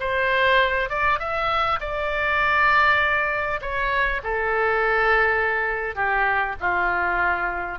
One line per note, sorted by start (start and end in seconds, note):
0.00 0.89 C5
0.89 1.19 D5
1.19 1.79 E5
1.80 3.60 D5
3.61 4.21 C#5
4.24 5.96 A4
5.96 6.56 G4
6.60 7.79 F4